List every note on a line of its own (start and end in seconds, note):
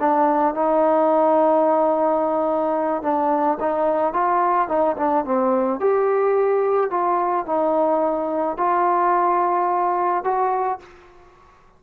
0.00 0.55 D4
0.55 3.03 D#4
3.03 3.58 D4
3.60 4.13 D#4
4.13 4.68 F4
4.68 4.96 D#4
4.97 5.25 D4
5.25 5.80 C4
5.80 6.90 G4
6.90 7.46 F4
7.46 8.57 D#4
8.58 10.24 F4
10.24 10.80 F#4